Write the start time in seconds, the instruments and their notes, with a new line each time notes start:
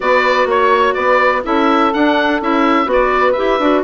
0.00 bassoon B3, clarinet F#4, saxophone B4, oboe D5
0.45 bassoon A#3, saxophone C#5, oboe C#5
0.94 bassoon B3, saxophone B4, oboe D5
1.43 bassoon C#4, clarinet E4, saxophone A4, oboe E5
1.93 clarinet D4, bassoon D4, oboe F#5
2.41 bassoon C#4, clarinet E4, oboe E5
2.85 bassoon B3, clarinet F#4, saxophone B4
2.92 oboe D5
3.32 clarinet G4, oboe E5
3.38 bassoon E4
3.59 bassoon D4, clarinet F#4